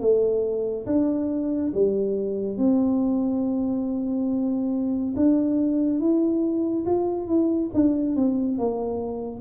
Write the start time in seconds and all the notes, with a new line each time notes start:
0.00 A3
0.86 D4
1.74 G3
2.57 C4
5.16 D4
6.00 E4
6.86 F4
7.27 E4
7.74 D4
8.15 C4
8.58 A#3